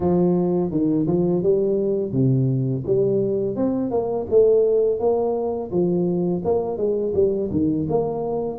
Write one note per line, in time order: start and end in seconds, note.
0.00 0.70 F3
0.70 1.06 D#3
1.06 1.42 F3
1.43 2.12 G3
2.12 2.83 C3
2.86 3.56 G3
3.56 3.91 C4
3.91 4.26 A#3
4.30 4.99 A3
4.99 5.70 A#3
5.71 6.42 F3
6.44 6.77 A#3
6.77 7.12 G#3
7.14 7.50 G3
7.51 7.87 D#3
7.89 8.58 A#3